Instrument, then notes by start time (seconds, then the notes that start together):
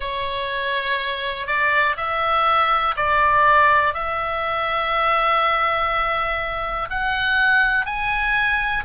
oboe
0.00 C#5
1.46 D5
1.96 E5
2.96 D5
3.93 E5
6.89 F#5
7.85 G#5